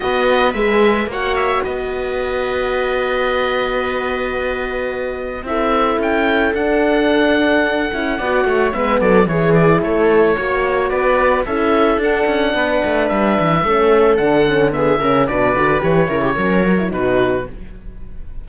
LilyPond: <<
  \new Staff \with { instrumentName = "oboe" } { \time 4/4 \tempo 4 = 110 dis''4 e''4 fis''8 e''8 dis''4~ | dis''1~ | dis''2 e''4 g''4 | fis''1 |
e''8 d''8 cis''8 d''8 cis''2 | d''4 e''4 fis''2 | e''2 fis''4 e''4 | d''4 cis''2 b'4 | }
  \new Staff \with { instrumentName = "viola" } { \time 4/4 b'2 cis''4 b'4~ | b'1~ | b'2 a'2~ | a'2. d''8 cis''8 |
b'8 a'8 gis'4 a'4 cis''4 | b'4 a'2 b'4~ | b'4 a'2 gis'8 ais'8 | b'4. ais'16 g'16 ais'4 fis'4 | }
  \new Staff \with { instrumentName = "horn" } { \time 4/4 fis'4 gis'4 fis'2~ | fis'1~ | fis'2 e'2 | d'2~ d'8 e'8 fis'4 |
b4 e'2 fis'4~ | fis'4 e'4 d'2~ | d'4 cis'4 d'8 cis'8 b8 cis'8 | d'8 fis'8 g'8 e'8 cis'8 fis'16 e'16 dis'4 | }
  \new Staff \with { instrumentName = "cello" } { \time 4/4 b4 gis4 ais4 b4~ | b1~ | b2 c'4 cis'4 | d'2~ d'8 cis'8 b8 a8 |
gis8 fis8 e4 a4 ais4 | b4 cis'4 d'8 cis'8 b8 a8 | g8 e8 a4 d4. cis8 | b,8 d8 e8 cis8 fis4 b,4 | }
>>